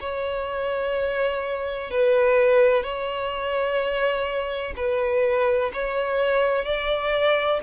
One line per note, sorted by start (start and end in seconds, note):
0.00 1.90 C#5
1.90 2.83 B4
2.83 4.74 C#5
4.76 5.71 B4
5.73 6.65 C#5
6.65 7.60 D5